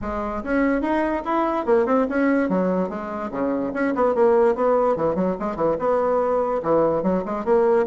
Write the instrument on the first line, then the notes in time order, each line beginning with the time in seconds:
bassoon
0.01 G#3
0.43 C#4
0.81 D#4
1.25 E4
1.65 A#3
1.86 C4
2.09 C#4
2.49 F#3
2.89 G#3
3.31 C#3
3.73 C#4
3.95 B3
4.14 A#3
4.55 B3
4.96 E3
5.15 F#3
5.39 G#3
5.56 E3
5.79 B3
6.62 E3
7.03 F#3
7.25 G#3
7.45 A#3